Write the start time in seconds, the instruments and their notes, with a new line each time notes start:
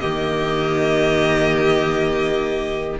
0.00 cello D#3, viola A#3, violin G4 D#5